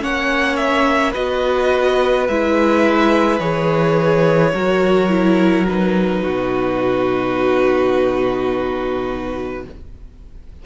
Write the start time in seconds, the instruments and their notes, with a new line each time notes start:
0.00 cello A#3, viola C#4, violin C#5 F#5
0.56 violin E5
1.12 cello B3, viola F#4, violin B4 D#5
2.28 cello G#3, viola E4, violin E5
3.39 cello E3, viola G#4, violin C#5
4.54 cello F#3, viola F#4, violin A#4
5.09 viola E4
5.68 viola D#4, violin B4
6.22 cello B2, violin F#4